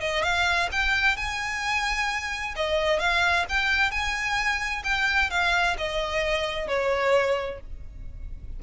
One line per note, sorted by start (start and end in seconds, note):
0.00 0.23 D#5
0.23 0.69 F5
0.72 1.17 G5
1.17 2.55 G#5
2.56 2.99 D#5
2.99 3.46 F5
3.49 3.91 G5
3.91 4.83 G#5
4.84 5.30 G5
5.30 5.77 F5
5.78 6.68 D#5
6.68 7.60 C#5